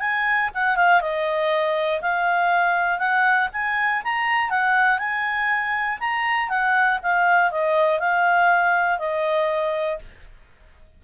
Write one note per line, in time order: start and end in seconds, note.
0.00 0.50 G#5
0.54 0.76 F#5
0.76 1.01 F5
1.01 2.01 D#5
2.01 2.99 F5
2.99 3.49 F#5
3.52 4.02 G#5
4.04 4.50 A#5
4.50 4.99 F#5
4.99 5.99 G#5
6.00 6.49 A#5
6.49 6.99 F#5
7.02 7.51 F5
7.51 8.00 D#5
8.00 8.99 F5
8.99 9.99 D#5